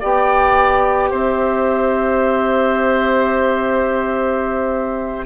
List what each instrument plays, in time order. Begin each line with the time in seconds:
0.00 bassoon B3, clarinet G4, oboe D5, flute G5
1.11 bassoon C4, oboe C5, flute E5